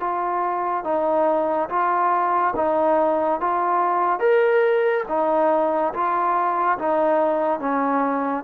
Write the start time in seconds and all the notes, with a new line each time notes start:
0.00 F4
0.84 D#4
1.69 F4
2.56 D#4
3.40 F4
4.19 A#4
5.09 D#4
5.93 F4
6.78 D#4
7.59 C#4